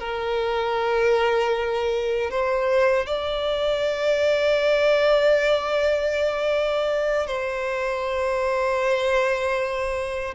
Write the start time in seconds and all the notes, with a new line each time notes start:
0.00 A#4
2.31 C5
3.07 D5
7.27 C5